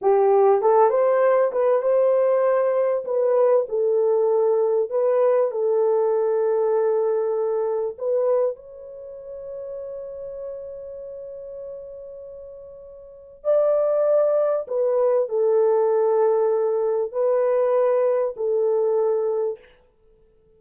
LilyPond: \new Staff \with { instrumentName = "horn" } { \time 4/4 \tempo 4 = 98 g'4 a'8 c''4 b'8 c''4~ | c''4 b'4 a'2 | b'4 a'2.~ | a'4 b'4 cis''2~ |
cis''1~ | cis''2 d''2 | b'4 a'2. | b'2 a'2 | }